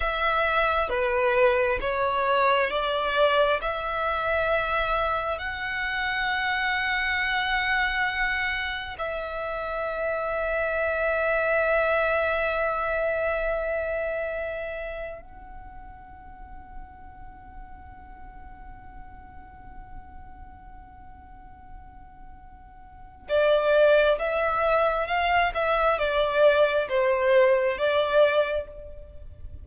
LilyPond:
\new Staff \with { instrumentName = "violin" } { \time 4/4 \tempo 4 = 67 e''4 b'4 cis''4 d''4 | e''2 fis''2~ | fis''2 e''2~ | e''1~ |
e''4 fis''2.~ | fis''1~ | fis''2 d''4 e''4 | f''8 e''8 d''4 c''4 d''4 | }